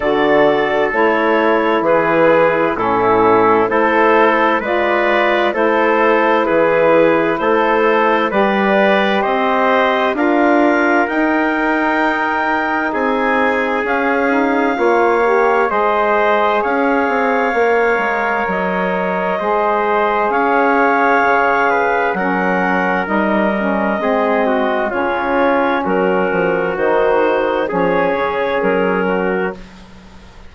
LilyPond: <<
  \new Staff \with { instrumentName = "clarinet" } { \time 4/4 \tempo 4 = 65 d''4 cis''4 b'4 a'4 | c''4 d''4 c''4 b'4 | c''4 d''4 dis''4 f''4 | g''2 gis''4 f''4~ |
f''4 dis''4 f''2 | dis''2 f''2 | fis''4 dis''2 cis''4 | ais'4 c''4 cis''4 ais'4 | }
  \new Staff \with { instrumentName = "trumpet" } { \time 4/4 a'2 gis'4 e'4 | a'4 b'4 a'4 gis'4 | a'4 b'4 c''4 ais'4~ | ais'2 gis'2 |
cis''4 c''4 cis''2~ | cis''4 c''4 cis''4. b'8 | ais'2 gis'8 fis'8 f'4 | fis'2 gis'4. fis'8 | }
  \new Staff \with { instrumentName = "saxophone" } { \time 4/4 fis'4 e'2 cis'4 | e'4 f'4 e'2~ | e'4 g'2 f'4 | dis'2. cis'8 dis'8 |
f'8 g'8 gis'2 ais'4~ | ais'4 gis'2. | cis'4 dis'8 cis'8 c'4 cis'4~ | cis'4 dis'4 cis'2 | }
  \new Staff \with { instrumentName = "bassoon" } { \time 4/4 d4 a4 e4 a,4 | a4 gis4 a4 e4 | a4 g4 c'4 d'4 | dis'2 c'4 cis'4 |
ais4 gis4 cis'8 c'8 ais8 gis8 | fis4 gis4 cis'4 cis4 | fis4 g4 gis4 cis4 | fis8 f8 dis4 f8 cis8 fis4 | }
>>